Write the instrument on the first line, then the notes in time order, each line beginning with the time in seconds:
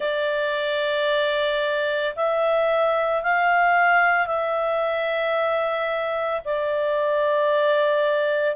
clarinet
0.00 D5
2.15 E5
3.22 F5
4.27 E5
6.44 D5